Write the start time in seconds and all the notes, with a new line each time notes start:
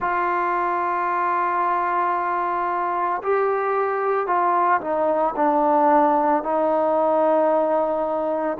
0.00 F4
3.22 G4
4.27 F4
4.81 D#4
5.36 D4
6.43 D#4